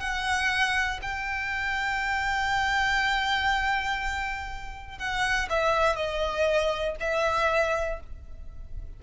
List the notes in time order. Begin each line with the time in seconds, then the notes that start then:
0.00 F#5
1.02 G5
4.98 F#5
5.49 E5
5.96 D#5
7.00 E5